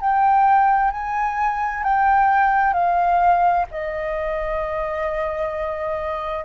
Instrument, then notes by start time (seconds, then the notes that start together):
flute
0.00 G5
0.91 G#5
1.83 G5
2.74 F5
3.71 D#5